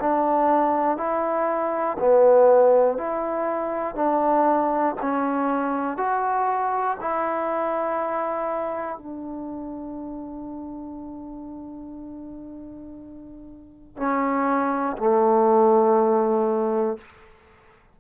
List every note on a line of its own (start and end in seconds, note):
0.00 0.98 D4
0.98 1.98 E4
1.99 2.98 B3
2.98 3.95 E4
3.95 4.95 D4
5.02 5.97 C#4
5.97 6.97 F#4
7.00 8.98 E4
8.98 13.97 D4
13.97 14.97 C#4
14.98 16.98 A3